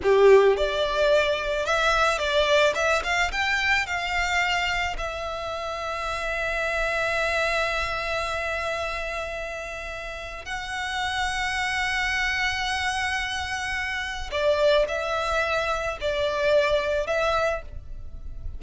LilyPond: \new Staff \with { instrumentName = "violin" } { \time 4/4 \tempo 4 = 109 g'4 d''2 e''4 | d''4 e''8 f''8 g''4 f''4~ | f''4 e''2.~ | e''1~ |
e''2. fis''4~ | fis''1~ | fis''2 d''4 e''4~ | e''4 d''2 e''4 | }